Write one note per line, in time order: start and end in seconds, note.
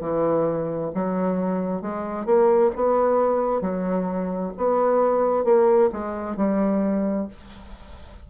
0.00 0.91 E3
0.94 1.81 F#3
1.81 2.25 G#3
2.25 2.71 A#3
2.75 3.61 B3
3.61 4.52 F#3
4.57 5.44 B3
5.44 5.90 A#3
5.92 6.36 G#3
6.36 7.27 G3